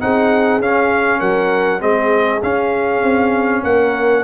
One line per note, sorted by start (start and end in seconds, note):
0.00 0.59 C4
0.00 0.61 D#4
0.00 1.19 G#4
0.00 0.61 F#5
0.59 1.20 C#4
0.59 1.79 C#4
0.59 1.20 F5
1.19 1.81 F#3
1.19 1.80 A#4
1.19 1.81 F#5
1.79 2.42 G#3
1.79 2.40 C4
1.79 3.63 G#4
1.79 2.42 D#5
2.42 3.02 C#4
2.42 4.24 C#4
2.42 3.64 F5
3.02 3.62 C4
3.63 4.24 A#3
3.63 4.24 A#4
3.63 4.24 F#5